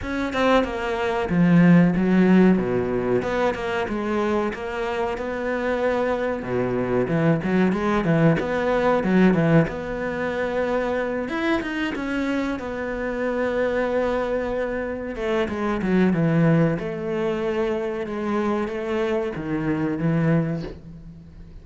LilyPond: \new Staff \with { instrumentName = "cello" } { \time 4/4 \tempo 4 = 93 cis'8 c'8 ais4 f4 fis4 | b,4 b8 ais8 gis4 ais4 | b2 b,4 e8 fis8 | gis8 e8 b4 fis8 e8 b4~ |
b4. e'8 dis'8 cis'4 b8~ | b2.~ b8 a8 | gis8 fis8 e4 a2 | gis4 a4 dis4 e4 | }